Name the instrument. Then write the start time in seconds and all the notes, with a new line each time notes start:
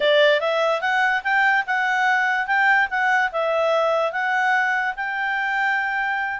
clarinet
0.00 D5
0.40 E5
0.81 F#5
1.23 G5
1.66 F#5
2.46 G5
2.89 F#5
3.32 E5
4.12 F#5
4.96 G5